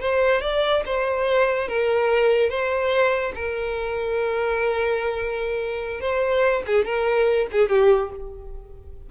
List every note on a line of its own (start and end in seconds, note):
0.00 0.41 C5
0.41 0.83 D5
0.85 1.68 C5
1.68 2.49 A#4
2.49 3.32 C5
3.35 6.00 A#4
6.00 6.62 C5
6.66 6.85 G#4
6.85 7.47 A#4
7.51 7.69 G#4
7.69 8.10 G4